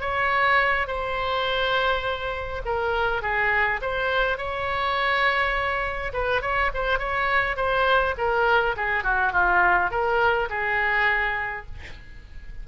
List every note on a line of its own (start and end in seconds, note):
0.00 0.87 C#5
0.87 2.62 C5
2.65 3.22 A#4
3.22 3.80 G#4
3.81 4.37 C5
4.37 6.12 C#5
6.13 6.41 B4
6.41 6.70 C#5
6.74 6.98 C5
6.98 7.56 C#5
7.56 8.14 C5
8.17 8.75 A#4
8.76 9.03 G#4
9.03 9.32 F#4
9.32 9.90 F4
9.90 10.49 A#4
10.49 11.66 G#4